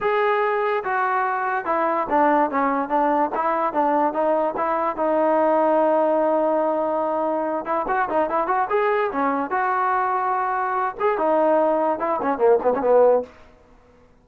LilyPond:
\new Staff \with { instrumentName = "trombone" } { \time 4/4 \tempo 4 = 145 gis'2 fis'2 | e'4 d'4 cis'4 d'4 | e'4 d'4 dis'4 e'4 | dis'1~ |
dis'2~ dis'8 e'8 fis'8 dis'8 | e'8 fis'8 gis'4 cis'4 fis'4~ | fis'2~ fis'8 gis'8 dis'4~ | dis'4 e'8 cis'8 ais8 b16 cis'16 b4 | }